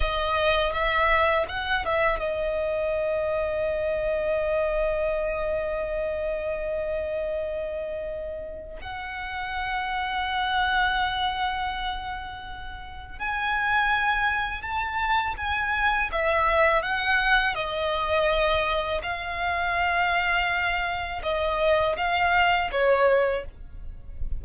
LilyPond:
\new Staff \with { instrumentName = "violin" } { \time 4/4 \tempo 4 = 82 dis''4 e''4 fis''8 e''8 dis''4~ | dis''1~ | dis''1 | fis''1~ |
fis''2 gis''2 | a''4 gis''4 e''4 fis''4 | dis''2 f''2~ | f''4 dis''4 f''4 cis''4 | }